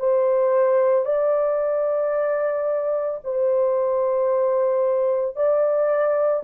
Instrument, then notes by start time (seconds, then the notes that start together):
horn
0.00 C5
1.06 D5
3.24 C5
5.37 D5